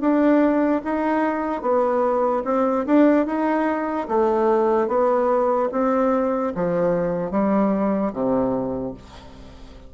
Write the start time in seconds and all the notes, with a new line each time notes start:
0.00 D4
0.84 D#4
1.62 B3
2.44 C4
2.86 D4
3.26 D#4
4.08 A3
4.88 B3
5.72 C4
6.55 F3
7.31 G3
8.13 C3